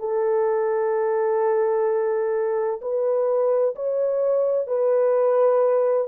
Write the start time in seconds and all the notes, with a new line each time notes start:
0.00 A4
2.82 B4
3.76 C#5
4.67 B4